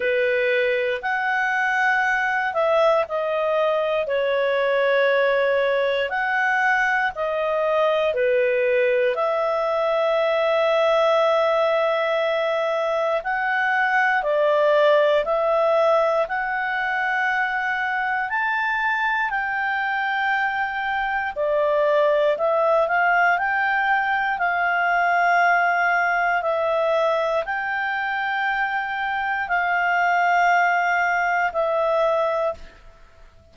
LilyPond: \new Staff \with { instrumentName = "clarinet" } { \time 4/4 \tempo 4 = 59 b'4 fis''4. e''8 dis''4 | cis''2 fis''4 dis''4 | b'4 e''2.~ | e''4 fis''4 d''4 e''4 |
fis''2 a''4 g''4~ | g''4 d''4 e''8 f''8 g''4 | f''2 e''4 g''4~ | g''4 f''2 e''4 | }